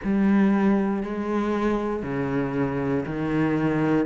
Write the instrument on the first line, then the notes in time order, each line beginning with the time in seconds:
cello
0.03 G3
1.03 G#3
2.02 C#3
3.06 D#3